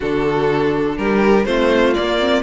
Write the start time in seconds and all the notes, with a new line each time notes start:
0.00 D3 D4 F#4 A4
0.97 G3 G4 A#4
1.45 A3 C4 F4 C5
1.94 A#3 D5
2.19 C4